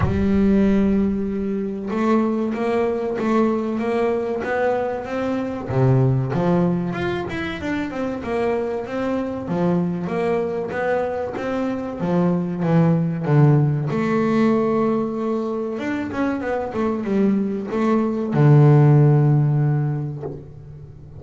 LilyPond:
\new Staff \with { instrumentName = "double bass" } { \time 4/4 \tempo 4 = 95 g2. a4 | ais4 a4 ais4 b4 | c'4 c4 f4 f'8 e'8 | d'8 c'8 ais4 c'4 f4 |
ais4 b4 c'4 f4 | e4 d4 a2~ | a4 d'8 cis'8 b8 a8 g4 | a4 d2. | }